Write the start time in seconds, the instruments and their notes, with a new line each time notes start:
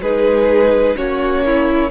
0.00 cello G#3, viola D#4, violin G#4 B4
0.97 cello A#3, viola C#4, violin F#4 C#5
1.46 violin E4